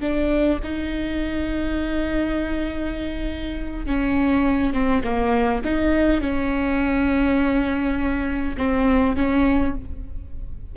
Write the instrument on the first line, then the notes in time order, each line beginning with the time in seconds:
viola
0.00 D4
0.63 D#4
3.86 C#4
4.73 C4
5.03 A#3
5.64 D#4
6.20 C#4
8.57 C4
9.16 C#4